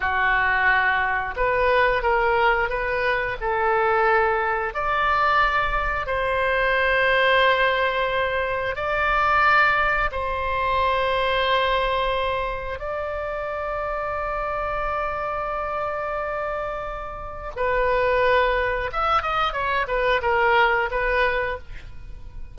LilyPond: \new Staff \with { instrumentName = "oboe" } { \time 4/4 \tempo 4 = 89 fis'2 b'4 ais'4 | b'4 a'2 d''4~ | d''4 c''2.~ | c''4 d''2 c''4~ |
c''2. d''4~ | d''1~ | d''2 b'2 | e''8 dis''8 cis''8 b'8 ais'4 b'4 | }